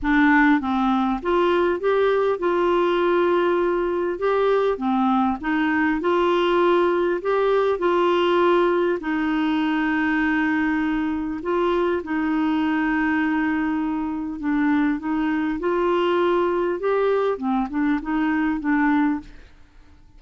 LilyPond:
\new Staff \with { instrumentName = "clarinet" } { \time 4/4 \tempo 4 = 100 d'4 c'4 f'4 g'4 | f'2. g'4 | c'4 dis'4 f'2 | g'4 f'2 dis'4~ |
dis'2. f'4 | dis'1 | d'4 dis'4 f'2 | g'4 c'8 d'8 dis'4 d'4 | }